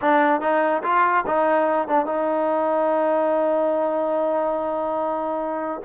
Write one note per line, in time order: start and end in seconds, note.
0.01 0.40 D4
0.40 0.82 D#4
0.83 1.25 F4
1.27 1.88 D#4
1.88 2.06 D4
2.06 5.81 D#4